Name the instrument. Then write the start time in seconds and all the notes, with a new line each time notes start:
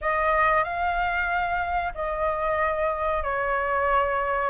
flute
0.01 D#5
0.64 F5
1.94 D#5
3.23 C#5